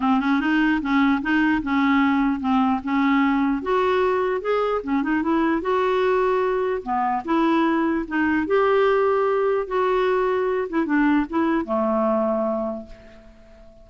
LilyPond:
\new Staff \with { instrumentName = "clarinet" } { \time 4/4 \tempo 4 = 149 c'8 cis'8 dis'4 cis'4 dis'4 | cis'2 c'4 cis'4~ | cis'4 fis'2 gis'4 | cis'8 dis'8 e'4 fis'2~ |
fis'4 b4 e'2 | dis'4 g'2. | fis'2~ fis'8 e'8 d'4 | e'4 a2. | }